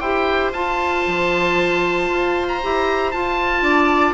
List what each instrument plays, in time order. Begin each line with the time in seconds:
0.00 bassoon E4, clarinet G4, viola C5, oboe G5
0.52 bassoon F4, clarinet F4, oboe A5
1.07 bassoon F3
2.10 bassoon F4
2.49 oboe A#5
2.62 bassoon E4, clarinet G4
3.12 clarinet F4, bassoon F4, oboe A5
3.62 bassoon D4, viola D5